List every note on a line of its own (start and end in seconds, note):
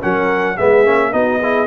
0.00 0.59 F#3
0.00 0.56 C#4
0.00 0.56 A#4
0.00 0.57 F#5
0.56 0.86 G#3
0.56 0.85 B3
0.56 1.11 G#4
0.56 1.12 E5
0.85 1.13 A#3
0.85 1.11 C#4
1.11 1.66 B3
1.11 1.39 D#4
1.11 1.41 F#4
1.11 1.66 D#5
1.42 1.66 E4
1.42 1.66 G#4